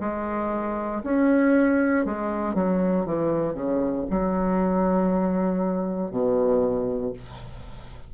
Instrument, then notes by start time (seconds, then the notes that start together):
bassoon
0.00 G#3
1.03 C#4
2.05 G#3
2.54 F#3
3.05 E3
3.54 C#3
4.10 F#3
6.11 B2